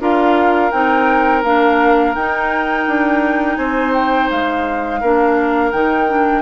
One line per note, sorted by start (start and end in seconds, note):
0.00 0.72 D4
0.00 0.71 F4
0.00 3.58 A#4
0.00 0.71 F5
0.71 1.44 C4
0.71 1.43 D#4
0.71 1.43 G5
1.43 2.15 A#3
1.43 2.16 D4
1.43 2.15 F5
2.15 2.87 D#4
2.15 5.03 D#4
2.15 3.56 G5
2.87 3.58 D4
3.56 4.29 C4
3.56 5.01 C5
3.56 3.92 G#5
3.94 4.29 G5
4.30 5.02 G#3
4.30 5.72 F5
5.01 5.73 A#3
5.01 5.73 D4
5.01 6.42 A#4
5.72 6.42 D#3
5.72 6.08 D#4
5.72 6.42 G5
6.08 6.42 D4